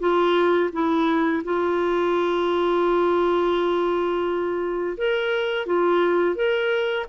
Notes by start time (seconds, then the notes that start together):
0.00 F4
0.73 E4
1.44 F4
4.98 A#4
5.66 F4
6.36 A#4